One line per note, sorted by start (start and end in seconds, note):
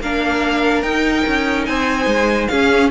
0.00 0.83 A#3
0.00 0.85 D4
0.00 1.68 A#4
0.00 0.83 F5
0.83 1.24 D#4
0.83 2.50 D#4
0.83 1.65 G5
1.27 1.68 C#4
1.66 2.06 C4
1.66 2.51 C5
1.66 2.48 G#5
2.06 2.48 G#3
2.48 2.92 C#4
2.48 2.92 G#4
2.48 2.89 F5